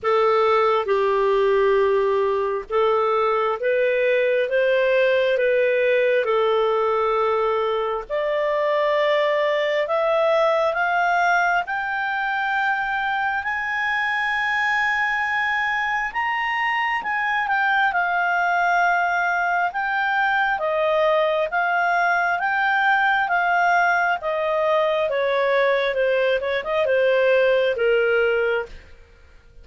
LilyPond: \new Staff \with { instrumentName = "clarinet" } { \time 4/4 \tempo 4 = 67 a'4 g'2 a'4 | b'4 c''4 b'4 a'4~ | a'4 d''2 e''4 | f''4 g''2 gis''4~ |
gis''2 ais''4 gis''8 g''8 | f''2 g''4 dis''4 | f''4 g''4 f''4 dis''4 | cis''4 c''8 cis''16 dis''16 c''4 ais'4 | }